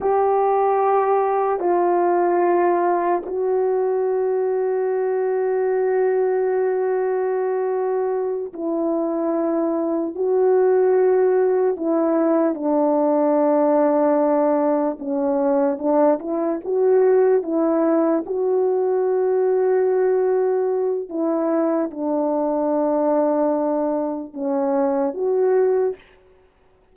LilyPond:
\new Staff \with { instrumentName = "horn" } { \time 4/4 \tempo 4 = 74 g'2 f'2 | fis'1~ | fis'2~ fis'8 e'4.~ | e'8 fis'2 e'4 d'8~ |
d'2~ d'8 cis'4 d'8 | e'8 fis'4 e'4 fis'4.~ | fis'2 e'4 d'4~ | d'2 cis'4 fis'4 | }